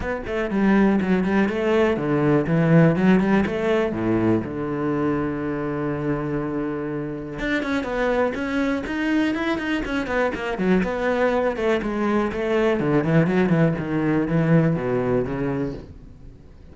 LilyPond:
\new Staff \with { instrumentName = "cello" } { \time 4/4 \tempo 4 = 122 b8 a8 g4 fis8 g8 a4 | d4 e4 fis8 g8 a4 | a,4 d2.~ | d2. d'8 cis'8 |
b4 cis'4 dis'4 e'8 dis'8 | cis'8 b8 ais8 fis8 b4. a8 | gis4 a4 d8 e8 fis8 e8 | dis4 e4 b,4 cis4 | }